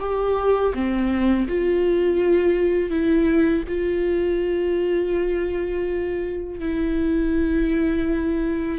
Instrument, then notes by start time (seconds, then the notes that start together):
viola
0.00 G4
0.74 C4
1.48 F4
2.90 E4
3.68 F4
6.60 E4